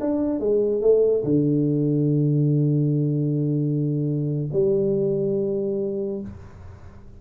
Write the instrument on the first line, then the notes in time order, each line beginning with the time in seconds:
tuba
0.00 D4
0.40 G#3
0.81 A3
1.23 D3
4.53 G3